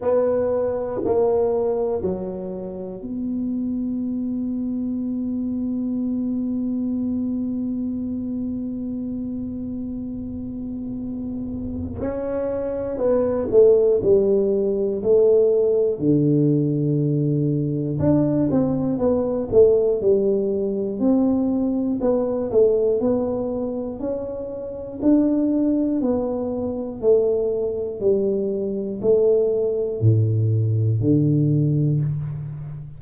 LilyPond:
\new Staff \with { instrumentName = "tuba" } { \time 4/4 \tempo 4 = 60 b4 ais4 fis4 b4~ | b1~ | b1 | cis'4 b8 a8 g4 a4 |
d2 d'8 c'8 b8 a8 | g4 c'4 b8 a8 b4 | cis'4 d'4 b4 a4 | g4 a4 a,4 d4 | }